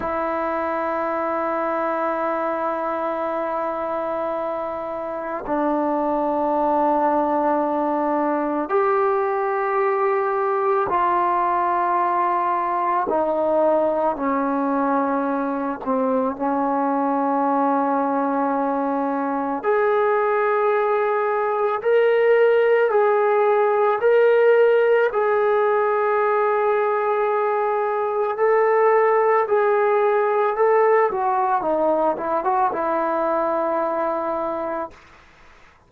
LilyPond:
\new Staff \with { instrumentName = "trombone" } { \time 4/4 \tempo 4 = 55 e'1~ | e'4 d'2. | g'2 f'2 | dis'4 cis'4. c'8 cis'4~ |
cis'2 gis'2 | ais'4 gis'4 ais'4 gis'4~ | gis'2 a'4 gis'4 | a'8 fis'8 dis'8 e'16 fis'16 e'2 | }